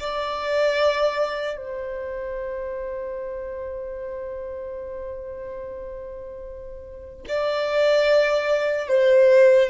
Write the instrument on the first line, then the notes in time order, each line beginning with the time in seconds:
violin
0.00 D5
1.57 C5
7.28 D5
8.89 C5